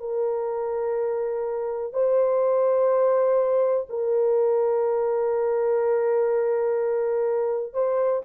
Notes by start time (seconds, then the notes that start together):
0.00 A#4
1.93 C5
3.89 A#4
7.74 C5